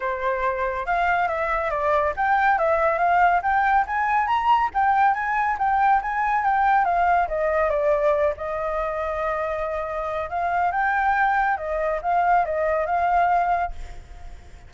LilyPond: \new Staff \with { instrumentName = "flute" } { \time 4/4 \tempo 4 = 140 c''2 f''4 e''4 | d''4 g''4 e''4 f''4 | g''4 gis''4 ais''4 g''4 | gis''4 g''4 gis''4 g''4 |
f''4 dis''4 d''4. dis''8~ | dis''1 | f''4 g''2 dis''4 | f''4 dis''4 f''2 | }